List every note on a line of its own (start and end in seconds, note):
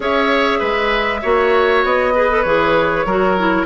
0.00 0.60 C#4
0.00 1.20 G#4
0.00 0.59 C#5
0.00 1.85 E5
0.59 1.22 G#3
0.59 1.20 B4
1.21 1.84 A#3
1.21 2.14 F#4
1.21 2.13 C#5
1.84 2.44 B3
1.84 2.42 D#5
2.14 2.30 G#4
2.14 3.06 B4
2.30 2.45 A4
2.42 3.05 E3
2.42 3.07 G#4
2.42 3.65 C#5
3.05 3.66 F#3
3.05 3.38 F#4
3.05 3.66 A#4
3.38 3.66 E4